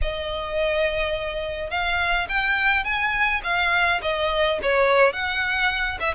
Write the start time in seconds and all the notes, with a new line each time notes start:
0.01 D#5
1.70 F5
2.29 G5
2.84 G#5
3.43 F5
4.02 D#5
4.62 C#5
5.12 F#5
6.00 E5